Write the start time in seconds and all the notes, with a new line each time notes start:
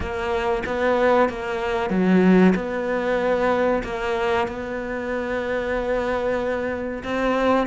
0.00 A#3
0.66 B3
1.29 A#3
1.90 F#3
2.55 B3
3.83 A#3
4.47 B3
7.03 C4